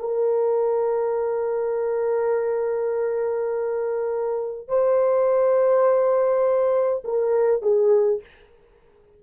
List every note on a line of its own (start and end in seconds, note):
0.00 4.68 A#4
4.68 7.04 C5
7.05 7.63 A#4
7.63 8.21 G#4